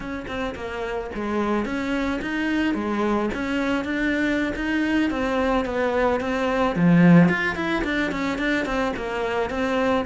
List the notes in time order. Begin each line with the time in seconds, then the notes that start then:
0.00 C#4
0.27 C4
0.55 A#3
1.14 G#3
1.65 C#4
2.21 D#4
2.74 G#3
3.34 C#4
3.84 D4
4.55 D#4
5.10 C4
5.65 B3
6.20 C4
6.75 F3
7.28 F4
7.55 E4
7.83 D4
8.11 C#4
8.38 D4
8.65 C4
8.96 A#3
9.50 C4